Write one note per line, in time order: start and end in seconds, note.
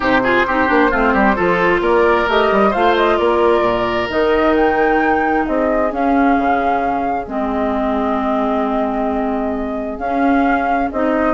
0.00 0.44 C3
0.00 0.21 D#4
0.00 0.20 G4
0.00 1.83 C5
0.23 0.45 F4
0.23 0.46 G#4
0.46 0.69 C4
0.46 0.66 D#4
0.46 0.90 G4
0.66 0.92 A#3
0.66 0.89 D4
0.90 1.13 A3
0.90 1.35 C4
0.90 1.13 F4
1.13 1.36 G3
1.13 1.35 G4
1.35 1.80 F3
1.35 2.26 F4
1.35 1.81 A4
1.80 2.26 A#3
1.80 2.70 A#4
1.80 2.28 D5
2.27 2.50 A3
2.27 2.73 G4
2.27 2.72 D#5
2.51 2.74 G3
2.70 3.19 A3
2.70 4.08 F4
2.70 3.15 C5
2.70 2.95 F5
2.96 3.17 D#5
3.17 3.61 A#3
3.17 5.45 A#4
3.17 4.08 D5
3.61 4.06 A#2
4.08 5.46 D#3
4.08 5.90 D#4
4.08 4.55 D#5
4.56 5.46 G5
5.45 5.91 C4
5.45 11.33 G#4
5.45 5.91 D#5
5.90 7.26 C#4
5.90 6.36 C#4
5.90 7.26 F5
6.37 7.26 C#3
7.26 9.98 G#3
7.26 9.99 C4
7.26 9.98 D#5
9.98 10.89 C#4
9.98 10.92 C#4
9.98 10.89 F5
10.91 11.33 C4
10.91 11.33 D#4
10.91 11.33 D#5